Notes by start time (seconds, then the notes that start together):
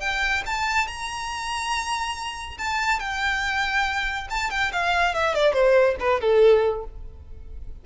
0.00 G5
0.46 A5
0.87 A#5
2.58 A5
3.00 G5
4.30 A5
4.50 G5
4.72 F5
5.14 E5
5.34 D5
5.53 C5
6.00 B4
6.21 A4